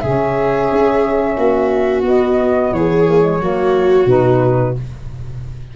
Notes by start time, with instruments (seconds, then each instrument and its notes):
0.00 tuba C#3, saxophone C#4, viola G#4, flute E5
0.72 tuba C#4
1.37 tuba A#3, viola F#4
2.03 tuba B3, saxophone B3, flute D#5
2.72 tuba E3, viola G#4, flute C#5
3.06 saxophone A#3
3.21 saxophone G#3
3.39 tuba F#3, saxophone A#3, viola F#4
4.06 tuba B2, saxophone D#4, flute B4